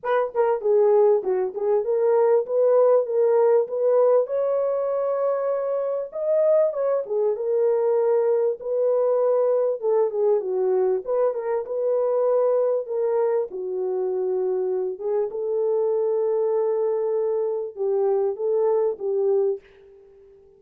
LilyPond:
\new Staff \with { instrumentName = "horn" } { \time 4/4 \tempo 4 = 98 b'8 ais'8 gis'4 fis'8 gis'8 ais'4 | b'4 ais'4 b'4 cis''4~ | cis''2 dis''4 cis''8 gis'8 | ais'2 b'2 |
a'8 gis'8 fis'4 b'8 ais'8 b'4~ | b'4 ais'4 fis'2~ | fis'8 gis'8 a'2.~ | a'4 g'4 a'4 g'4 | }